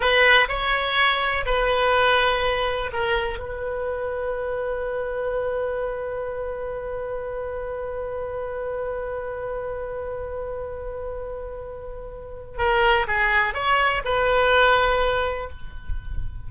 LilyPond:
\new Staff \with { instrumentName = "oboe" } { \time 4/4 \tempo 4 = 124 b'4 cis''2 b'4~ | b'2 ais'4 b'4~ | b'1~ | b'1~ |
b'1~ | b'1~ | b'2 ais'4 gis'4 | cis''4 b'2. | }